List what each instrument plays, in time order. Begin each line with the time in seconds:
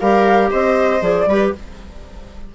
0.00 bassoon G3, clarinet G4, viola A#4, flute F5
0.51 bassoon C4, viola C5, flute D#5
1.01 bassoon F3, clarinet G#4, flute D5
1.27 bassoon G3, clarinet G4, viola B4